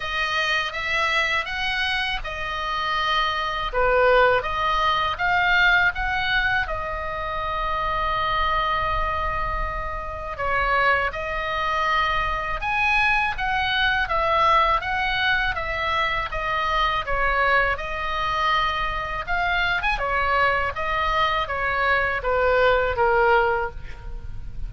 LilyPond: \new Staff \with { instrumentName = "oboe" } { \time 4/4 \tempo 4 = 81 dis''4 e''4 fis''4 dis''4~ | dis''4 b'4 dis''4 f''4 | fis''4 dis''2.~ | dis''2 cis''4 dis''4~ |
dis''4 gis''4 fis''4 e''4 | fis''4 e''4 dis''4 cis''4 | dis''2 f''8. gis''16 cis''4 | dis''4 cis''4 b'4 ais'4 | }